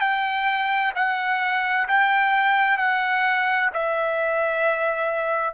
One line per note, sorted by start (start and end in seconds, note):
0.00 0.92 G5
0.95 1.87 F#5
1.88 2.77 G5
2.77 3.70 F#5
3.73 5.54 E5